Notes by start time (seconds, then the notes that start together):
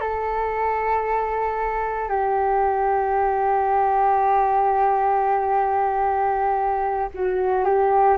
0.00 A4
2.08 G4
7.14 F#4
7.65 G4